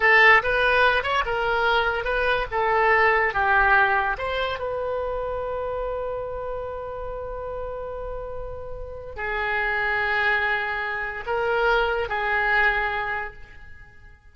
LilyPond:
\new Staff \with { instrumentName = "oboe" } { \time 4/4 \tempo 4 = 144 a'4 b'4. cis''8 ais'4~ | ais'4 b'4 a'2 | g'2 c''4 b'4~ | b'1~ |
b'1~ | b'2 gis'2~ | gis'2. ais'4~ | ais'4 gis'2. | }